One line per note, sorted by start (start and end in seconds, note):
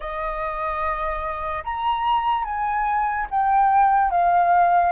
0.00 1.63 D#5
1.64 2.44 A#5
2.44 3.27 G#5
3.30 4.10 G5
4.10 4.91 F5